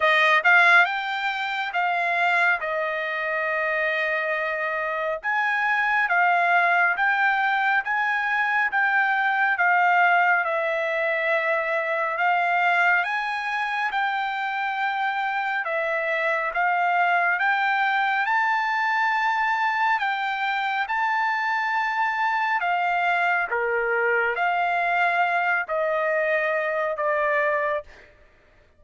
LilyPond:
\new Staff \with { instrumentName = "trumpet" } { \time 4/4 \tempo 4 = 69 dis''8 f''8 g''4 f''4 dis''4~ | dis''2 gis''4 f''4 | g''4 gis''4 g''4 f''4 | e''2 f''4 gis''4 |
g''2 e''4 f''4 | g''4 a''2 g''4 | a''2 f''4 ais'4 | f''4. dis''4. d''4 | }